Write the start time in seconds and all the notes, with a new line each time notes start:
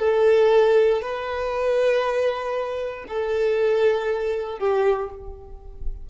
0.00 A4
1.02 B4
3.08 A4
4.59 G4